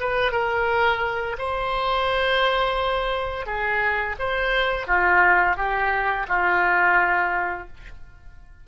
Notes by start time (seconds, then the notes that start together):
0.00 B4
0.32 A#4
1.38 C5
3.46 G#4
4.19 C5
4.87 F4
5.57 G4
6.28 F4